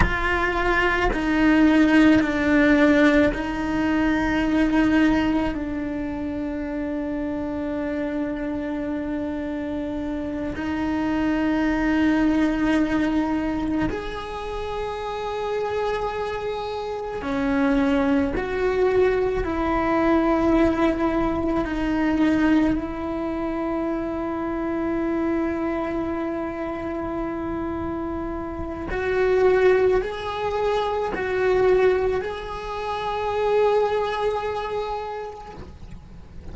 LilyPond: \new Staff \with { instrumentName = "cello" } { \time 4/4 \tempo 4 = 54 f'4 dis'4 d'4 dis'4~ | dis'4 d'2.~ | d'4. dis'2~ dis'8~ | dis'8 gis'2. cis'8~ |
cis'8 fis'4 e'2 dis'8~ | dis'8 e'2.~ e'8~ | e'2 fis'4 gis'4 | fis'4 gis'2. | }